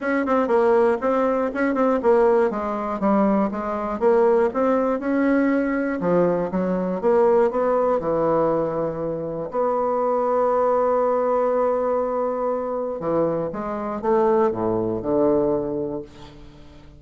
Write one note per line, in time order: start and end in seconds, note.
0.00 0.25 C#4
0.25 0.47 C4
0.47 0.97 A#3
1.00 1.50 C4
1.54 1.74 C#4
1.74 1.99 C4
2.02 2.50 A#3
2.50 3.00 G#3
3.00 3.50 G3
3.51 3.99 G#3
3.99 4.49 A#3
4.53 4.99 C4
4.99 5.99 C#4
6.00 6.50 F3
6.51 7.01 F#3
7.01 7.50 A#3
7.50 7.99 B3
7.99 9.49 E3
9.50 13.00 B3
13.00 13.50 E3
13.52 14.01 G#3
14.01 14.51 A3
14.51 15.01 A2
15.02 16.02 D3